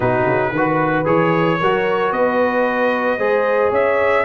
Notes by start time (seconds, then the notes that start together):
0.00 B2 D#4 F#4 B4
0.25 C#3
0.51 D#3 F#4 B4
1.05 E3 G#4 C#5
1.59 F#3 F#4 A#4
2.11 B3 B4 D#5
3.17 G#3 G#4 C5
3.70 C#4 C#5 E5